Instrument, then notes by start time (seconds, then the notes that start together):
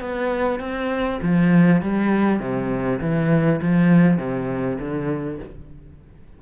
cello
0.00 B3
0.60 C4
1.22 F3
1.82 G3
2.40 C3
3.01 E3
3.61 F3
4.18 C3
4.79 D3